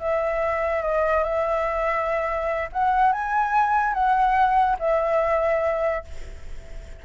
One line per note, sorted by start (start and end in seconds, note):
0.00 0.83 E5
0.83 1.24 D#5
1.24 2.70 E5
2.73 3.13 F#5
3.13 3.94 G#5
3.94 4.77 F#5
4.80 6.05 E5